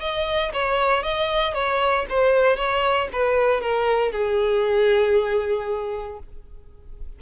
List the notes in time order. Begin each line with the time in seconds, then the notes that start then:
0.00 D#5
0.53 C#5
1.03 D#5
1.54 C#5
2.09 C5
2.57 C#5
3.12 B4
3.61 A#4
4.12 G#4